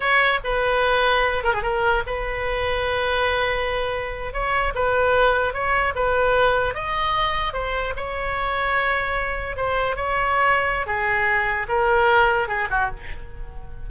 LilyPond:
\new Staff \with { instrumentName = "oboe" } { \time 4/4 \tempo 4 = 149 cis''4 b'2~ b'8 ais'16 gis'16 | ais'4 b'2.~ | b'2~ b'8. cis''4 b'16~ | b'4.~ b'16 cis''4 b'4~ b'16~ |
b'8. dis''2 c''4 cis''16~ | cis''2.~ cis''8. c''16~ | c''8. cis''2~ cis''16 gis'4~ | gis'4 ais'2 gis'8 fis'8 | }